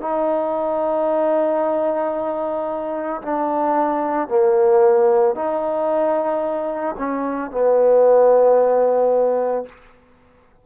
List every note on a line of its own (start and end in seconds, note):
0.00 3.21 D#4
3.22 4.28 D4
4.28 5.35 A#3
5.35 6.95 D#4
6.98 7.51 C#4
7.51 9.65 B3